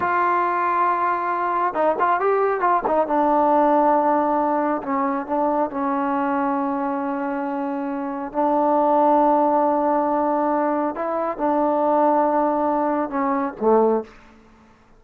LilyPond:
\new Staff \with { instrumentName = "trombone" } { \time 4/4 \tempo 4 = 137 f'1 | dis'8 f'8 g'4 f'8 dis'8 d'4~ | d'2. cis'4 | d'4 cis'2.~ |
cis'2. d'4~ | d'1~ | d'4 e'4 d'2~ | d'2 cis'4 a4 | }